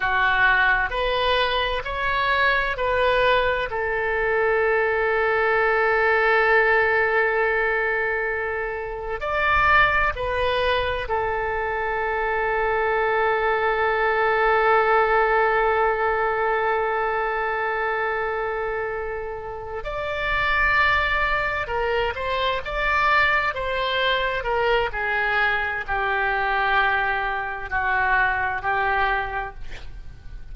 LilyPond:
\new Staff \with { instrumentName = "oboe" } { \time 4/4 \tempo 4 = 65 fis'4 b'4 cis''4 b'4 | a'1~ | a'2 d''4 b'4 | a'1~ |
a'1~ | a'4. d''2 ais'8 | c''8 d''4 c''4 ais'8 gis'4 | g'2 fis'4 g'4 | }